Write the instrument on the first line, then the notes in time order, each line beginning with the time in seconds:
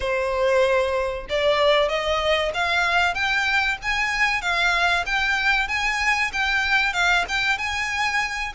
violin
0.00 C5
1.29 D5
1.88 D#5
2.54 F5
3.14 G5
3.82 G#5
4.41 F5
5.06 G5
5.68 G#5
6.32 G5
6.93 F5
7.28 G5
7.58 G#5